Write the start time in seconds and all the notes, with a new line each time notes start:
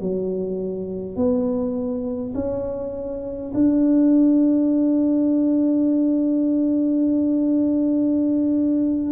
0.00 F#3
1.16 B3
2.34 C#4
3.53 D4